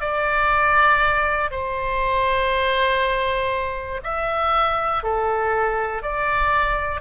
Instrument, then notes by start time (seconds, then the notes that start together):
oboe
0.00 D5
1.50 C5
4.03 E5
5.03 A4
6.02 D5